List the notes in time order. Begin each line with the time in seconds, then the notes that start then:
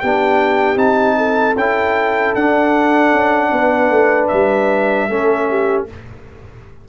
0.00 B3 D4 G4 G5
0.76 C4 D#4 A5
1.18 A4
1.56 C#4 E4 G5
2.35 D4 F#5
3.12 C#4
3.52 B3 B4
3.90 A3
4.28 G3 E5
5.08 A3 C#4 A4
5.50 G4